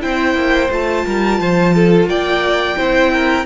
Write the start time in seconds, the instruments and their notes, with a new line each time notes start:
0.00 cello C4, viola E4, violin C5 G5
0.34 cello A#3
0.69 cello A3, viola F4, violin A5
1.06 cello G3, violin A#4
1.39 cello F3, violin C5
1.74 violin A4
2.06 cello A#3, violin D5 G5
2.76 cello C4, viola E4, violin C5
3.12 violin A#4